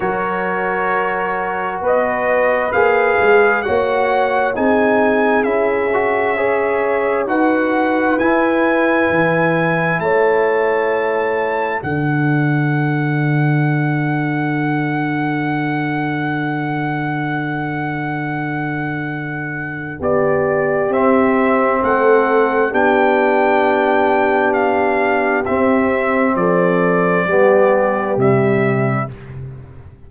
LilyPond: <<
  \new Staff \with { instrumentName = "trumpet" } { \time 4/4 \tempo 4 = 66 cis''2 dis''4 f''4 | fis''4 gis''4 e''2 | fis''4 gis''2 a''4~ | a''4 fis''2.~ |
fis''1~ | fis''2 d''4 e''4 | fis''4 g''2 f''4 | e''4 d''2 e''4 | }
  \new Staff \with { instrumentName = "horn" } { \time 4/4 ais'2 b'2 | cis''4 gis'2 cis''4 | b'2. cis''4~ | cis''4 a'2.~ |
a'1~ | a'2 g'2 | a'4 g'2.~ | g'4 a'4 g'2 | }
  \new Staff \with { instrumentName = "trombone" } { \time 4/4 fis'2. gis'4 | fis'4 dis'4 e'8 fis'8 gis'4 | fis'4 e'2.~ | e'4 d'2.~ |
d'1~ | d'2. c'4~ | c'4 d'2. | c'2 b4 g4 | }
  \new Staff \with { instrumentName = "tuba" } { \time 4/4 fis2 b4 ais8 gis8 | ais4 c'4 cis'2 | dis'4 e'4 e4 a4~ | a4 d2.~ |
d1~ | d2 b4 c'4 | a4 b2. | c'4 f4 g4 c4 | }
>>